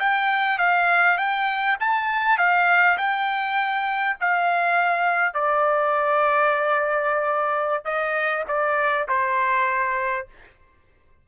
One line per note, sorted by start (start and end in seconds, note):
0.00 0.59 G5
0.59 1.18 F5
1.18 1.77 G5
1.80 2.38 A5
2.38 2.98 F5
2.98 4.17 G5
4.21 5.34 F5
5.34 7.85 D5
7.85 8.45 D#5
8.48 9.08 D5
9.09 10.28 C5